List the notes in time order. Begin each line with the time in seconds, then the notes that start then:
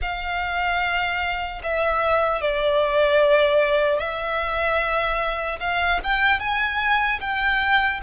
0.01 F5
1.63 E5
2.41 D5
3.99 E5
5.60 F5
6.03 G5
6.39 G#5
7.20 G5